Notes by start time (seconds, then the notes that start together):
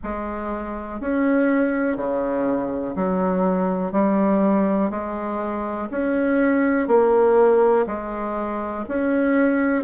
0.03 G#3
1.00 C#4
1.96 C#3
2.95 F#3
3.92 G3
4.90 G#3
5.91 C#4
6.87 A#3
7.86 G#3
8.88 C#4